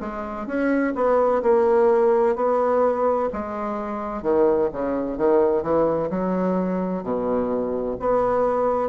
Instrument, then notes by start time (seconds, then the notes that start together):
bassoon
0.00 G#3
0.47 C#4
0.95 B3
1.42 A#3
2.36 B3
3.33 G#3
4.22 D#3
4.73 C#3
5.18 D#3
5.63 E3
6.10 F#3
7.03 B2
8.00 B3